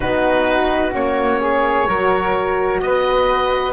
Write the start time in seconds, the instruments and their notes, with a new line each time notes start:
0.00 double bass B3, horn D#4, flute F#4, oboe B4
0.92 double bass A#3, horn C#4, oboe C#5
1.40 flute G#4
1.87 double bass F#3, horn F#4, flute A#4
2.80 double bass B3, flute B4, oboe D#5